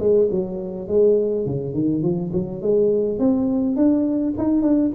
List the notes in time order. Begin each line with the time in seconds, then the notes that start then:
0.00 G#3
0.31 F#3
0.88 G#3
1.46 C#3
1.74 D#3
2.03 F3
2.33 F#3
2.62 G#3
3.19 C4
3.76 D4
4.38 D#4
4.63 D4